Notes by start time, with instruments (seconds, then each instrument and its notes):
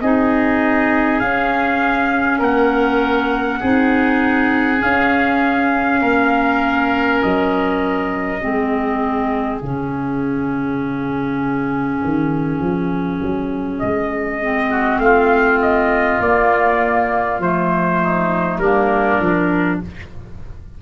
0.00 tuba C4, clarinet D#4, oboe G#4, trumpet D#5
1.19 tuba C#4, clarinet C#4, trumpet F5
2.38 tuba A#3, oboe A#4, trumpet F#5
3.60 tuba C4, clarinet D#4, oboe G#4
4.77 clarinet C#4, tuba C#4, trumpet F5
6.01 tuba A#3, oboe A#4
7.22 tuba F#3, trumpet D#5
8.40 tuba G#3, clarinet C4, oboe G#4
9.59 tuba C#3, clarinet C#4, trumpet F5
12.04 tuba D#3
12.60 tuba F3
13.22 tuba F#3
13.79 tuba G#3, trumpet D#5
14.42 clarinet C4
14.69 oboe F#4
14.98 tuba A3, oboe F4, trumpet F5
15.62 trumpet D#5
16.20 tuba A#3, clarinet A#3, trumpet D5
17.39 tuba F3, clarinet A3, trumpet C5
18.02 oboe D#4
18.58 tuba G3, clarinet A#3, oboe D4, trumpet A#4
19.20 tuba F3, clarinet D4